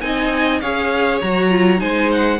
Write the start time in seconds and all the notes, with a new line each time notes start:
0.00 C4 D#4 D#5 G#5
0.60 C#4 G#4 C#5 F5
1.20 F#3 F#4 A#5
1.50 F4
1.77 G#3 D#4 C5 G#5
2.12 F#5